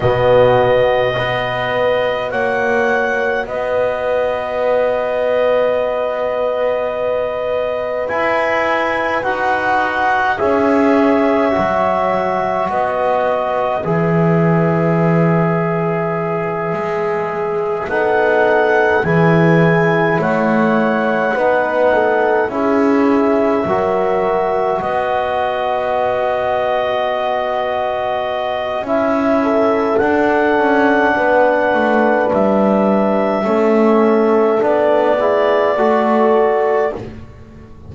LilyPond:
<<
  \new Staff \with { instrumentName = "clarinet" } { \time 4/4 \tempo 4 = 52 dis''2 fis''4 dis''4~ | dis''2. gis''4 | fis''4 e''2 dis''4 | e''2.~ e''8 fis''8~ |
fis''8 gis''4 fis''2 e''8~ | e''4. dis''2~ dis''8~ | dis''4 e''4 fis''2 | e''2 d''2 | }
  \new Staff \with { instrumentName = "horn" } { \time 4/4 fis'4 b'4 cis''4 b'4~ | b'1~ | b'4 cis''2 b'4~ | b'2.~ b'8 a'8~ |
a'8 gis'4 cis''4 b'8 a'8 gis'8~ | gis'8 ais'4 b'2~ b'8~ | b'4. a'4. b'4~ | b'4 a'4. gis'8 a'4 | }
  \new Staff \with { instrumentName = "trombone" } { \time 4/4 b4 fis'2.~ | fis'2. e'4 | fis'4 gis'4 fis'2 | gis'2.~ gis'8 dis'8~ |
dis'8 e'2 dis'4 e'8~ | e'8 fis'2.~ fis'8~ | fis'4 e'4 d'2~ | d'4 cis'4 d'8 e'8 fis'4 | }
  \new Staff \with { instrumentName = "double bass" } { \time 4/4 b,4 b4 ais4 b4~ | b2. e'4 | dis'4 cis'4 fis4 b4 | e2~ e8 gis4 b8~ |
b8 e4 a4 b4 cis'8~ | cis'8 fis4 b2~ b8~ | b4 cis'4 d'8 cis'8 b8 a8 | g4 a4 b4 a4 | }
>>